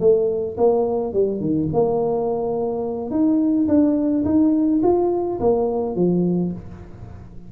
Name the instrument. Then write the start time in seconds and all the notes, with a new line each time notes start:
tuba
0.00 A3
0.57 A#3
1.13 G3
1.40 D#3
1.73 A#3
3.11 D#4
3.68 D4
4.25 D#4
4.83 F4
5.40 A#3
5.95 F3